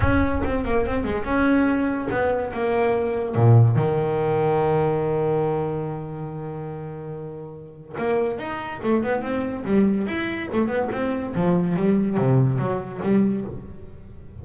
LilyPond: \new Staff \with { instrumentName = "double bass" } { \time 4/4 \tempo 4 = 143 cis'4 c'8 ais8 c'8 gis8 cis'4~ | cis'4 b4 ais2 | ais,4 dis2.~ | dis1~ |
dis2. ais4 | dis'4 a8 b8 c'4 g4 | e'4 a8 b8 c'4 f4 | g4 c4 fis4 g4 | }